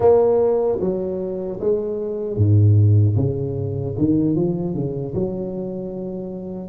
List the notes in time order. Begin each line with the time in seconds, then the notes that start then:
0.00 A#3
0.80 F#3
1.60 G#3
2.36 G#2
3.16 C#3
3.98 D#3
4.35 F3
4.74 C#3
5.14 F#3